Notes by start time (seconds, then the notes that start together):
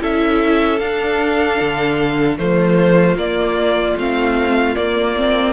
0.00 C#4 E4 A4 E5
0.79 D4 F5
1.61 D3
2.38 F3 A3 F4 C5
3.16 A#3 D5
3.97 A3 C4 F5
4.76 A#3 D5
5.17 C4